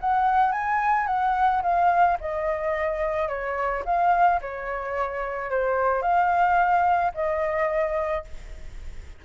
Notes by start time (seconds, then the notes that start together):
0.00 F#5
0.52 G#5
1.07 F#5
1.62 F5
2.20 D#5
3.28 C#5
3.85 F5
4.41 C#5
5.50 C5
6.02 F5
7.14 D#5